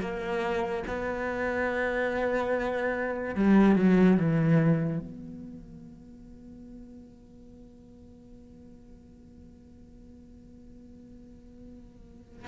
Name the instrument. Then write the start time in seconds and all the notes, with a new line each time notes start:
cello
0.00 A#3
0.87 B3
3.35 G3
3.75 F#3
4.17 E3
4.98 B3